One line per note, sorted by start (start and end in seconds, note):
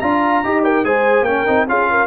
0.00 0.44 D4
0.00 0.44 F4
0.00 0.44 F5
0.00 0.62 A#5
0.44 0.85 D#4
0.44 0.84 G4
0.44 0.65 D#5
0.64 0.85 A#4
0.64 0.85 G5
0.84 1.22 G#3
0.84 1.26 G#4
0.84 1.27 C5
0.84 1.25 G#5
1.22 1.43 A#3
1.22 1.47 C#4
1.22 1.68 A#4
1.22 1.66 G5
1.47 1.68 C4
1.47 1.68 D#4
1.68 2.07 C#4
1.68 2.07 F4
1.68 1.90 G#4
1.68 2.07 F5
1.91 2.07 A#4